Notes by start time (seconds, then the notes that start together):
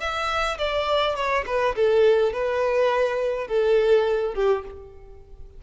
0.00 E5
0.58 D5
1.15 C#5
1.46 B4
1.75 A4
2.33 B4
3.48 A4
4.35 G4